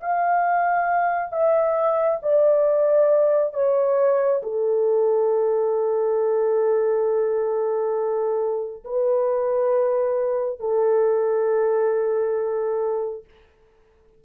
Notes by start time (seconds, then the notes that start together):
0.00 F5
1.32 E5
2.22 D5
3.53 C#5
4.42 A4
8.84 B4
10.59 A4